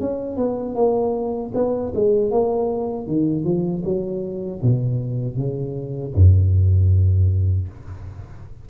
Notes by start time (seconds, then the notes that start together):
0.00 C#4
0.37 B3
0.75 A#3
1.54 B3
1.95 G#3
2.31 A#3
3.07 D#3
3.44 F3
3.84 F#3
4.62 B2
5.37 C#3
6.14 F#2